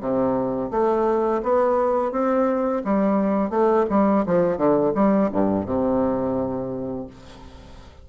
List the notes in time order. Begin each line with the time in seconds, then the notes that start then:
0.00 C3
0.71 A3
1.43 B3
2.12 C4
2.85 G3
3.50 A3
3.90 G3
4.26 F3
4.57 D3
4.95 G3
5.32 G2
5.66 C3